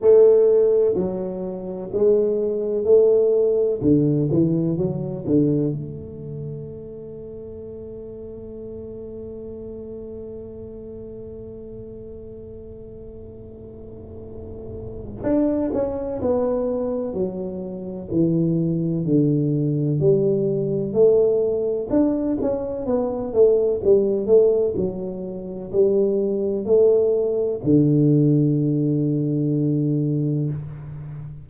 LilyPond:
\new Staff \with { instrumentName = "tuba" } { \time 4/4 \tempo 4 = 63 a4 fis4 gis4 a4 | d8 e8 fis8 d8 a2~ | a1~ | a1 |
d'8 cis'8 b4 fis4 e4 | d4 g4 a4 d'8 cis'8 | b8 a8 g8 a8 fis4 g4 | a4 d2. | }